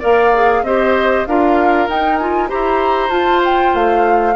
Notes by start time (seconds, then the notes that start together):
0.00 A#3 A#4 D5 F5
0.34 G#4
0.63 C4 G4 C5 D#5
1.27 D4 F4 A#4 F5
1.89 D#4 G5
2.18 F4 G#5
2.49 E4 G4 C5 A#5
3.10 F4 A5
3.45 G5
3.74 A3 F5